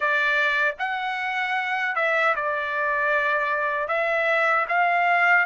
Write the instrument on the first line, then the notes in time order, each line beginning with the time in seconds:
trumpet
0.00 D5
0.78 F#5
1.95 E5
2.35 D5
3.87 E5
4.68 F5